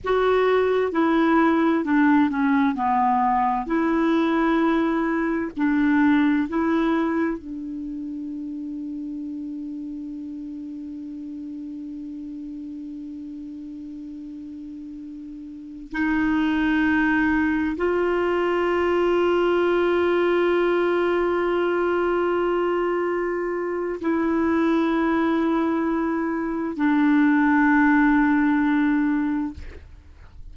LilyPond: \new Staff \with { instrumentName = "clarinet" } { \time 4/4 \tempo 4 = 65 fis'4 e'4 d'8 cis'8 b4 | e'2 d'4 e'4 | d'1~ | d'1~ |
d'4~ d'16 dis'2 f'8.~ | f'1~ | f'2 e'2~ | e'4 d'2. | }